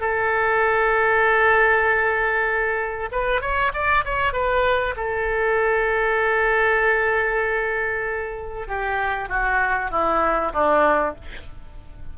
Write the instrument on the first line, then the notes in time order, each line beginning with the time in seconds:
oboe
0.00 A4
3.11 B4
3.41 C#5
3.73 D5
4.05 C#5
4.32 B4
4.96 A4
8.67 G4
9.28 F#4
9.90 E4
10.52 D4